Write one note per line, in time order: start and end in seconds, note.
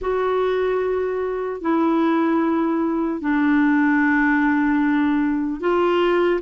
0.01 1.61 F#4
1.61 3.20 E4
3.20 5.60 D4
5.60 6.40 F4